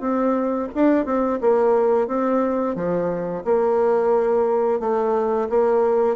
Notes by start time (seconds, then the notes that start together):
0.00 C4
0.74 D4
1.05 C4
1.40 A#3
2.07 C4
2.75 F3
3.44 A#3
4.79 A3
5.49 A#3